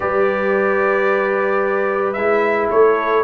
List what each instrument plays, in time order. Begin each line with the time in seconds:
0.00 tuba G3, trombone G4, horn B4, trumpet D5
2.12 tuba G#3, trombone E4, trumpet E5
2.69 tuba A3, horn A4, trumpet C#5